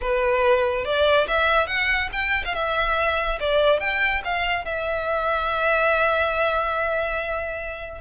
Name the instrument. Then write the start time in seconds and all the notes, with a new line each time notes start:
violin
0.01 B4
0.85 D5
1.27 E5
1.67 F#5
2.12 G5
2.44 F5
2.54 E5
3.40 D5
3.80 G5
4.24 F5
4.64 E5